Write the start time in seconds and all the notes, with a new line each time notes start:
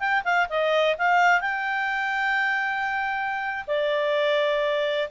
0.00 G5
0.24 F5
0.49 D#5
0.98 F5
1.41 G5
3.67 D5